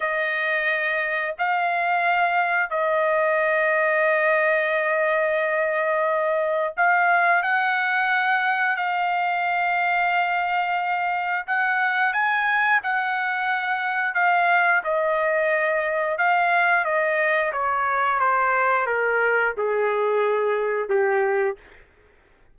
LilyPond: \new Staff \with { instrumentName = "trumpet" } { \time 4/4 \tempo 4 = 89 dis''2 f''2 | dis''1~ | dis''2 f''4 fis''4~ | fis''4 f''2.~ |
f''4 fis''4 gis''4 fis''4~ | fis''4 f''4 dis''2 | f''4 dis''4 cis''4 c''4 | ais'4 gis'2 g'4 | }